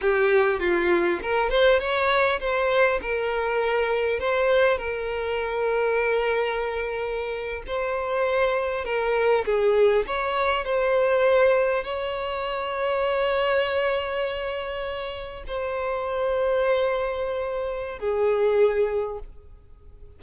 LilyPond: \new Staff \with { instrumentName = "violin" } { \time 4/4 \tempo 4 = 100 g'4 f'4 ais'8 c''8 cis''4 | c''4 ais'2 c''4 | ais'1~ | ais'8. c''2 ais'4 gis'16~ |
gis'8. cis''4 c''2 cis''16~ | cis''1~ | cis''4.~ cis''16 c''2~ c''16~ | c''2 gis'2 | }